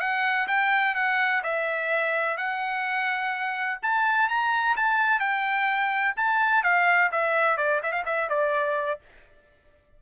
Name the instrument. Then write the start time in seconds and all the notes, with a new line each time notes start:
trumpet
0.00 F#5
0.48 G5
0.95 F#5
1.43 E5
2.37 F#5
3.82 A5
4.29 A#5
4.77 A5
5.20 G5
6.16 A5
6.63 F5
7.11 E5
7.57 D5
7.83 E5
7.92 F5
8.06 E5
8.29 D5